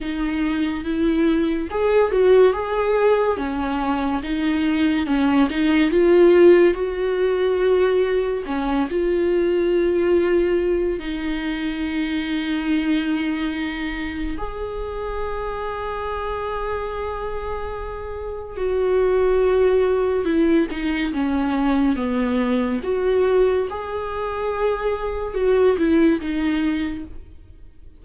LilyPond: \new Staff \with { instrumentName = "viola" } { \time 4/4 \tempo 4 = 71 dis'4 e'4 gis'8 fis'8 gis'4 | cis'4 dis'4 cis'8 dis'8 f'4 | fis'2 cis'8 f'4.~ | f'4 dis'2.~ |
dis'4 gis'2.~ | gis'2 fis'2 | e'8 dis'8 cis'4 b4 fis'4 | gis'2 fis'8 e'8 dis'4 | }